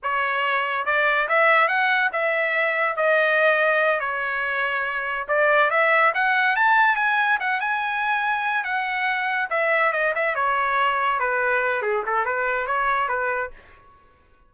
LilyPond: \new Staff \with { instrumentName = "trumpet" } { \time 4/4 \tempo 4 = 142 cis''2 d''4 e''4 | fis''4 e''2 dis''4~ | dis''4. cis''2~ cis''8~ | cis''8 d''4 e''4 fis''4 a''8~ |
a''8 gis''4 fis''8 gis''2~ | gis''8 fis''2 e''4 dis''8 | e''8 cis''2 b'4. | gis'8 a'8 b'4 cis''4 b'4 | }